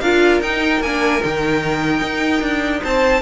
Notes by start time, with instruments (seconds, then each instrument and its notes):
0.00 cello D4, viola F4, violin A#4 F5
0.40 cello D#4, viola D#4, violin G5
0.80 cello A#3, viola D4, violin G#5
1.21 cello D#3, viola D#4, violin G5
2.01 cello D#4
2.41 cello D4
2.82 cello C4, violin C5 A5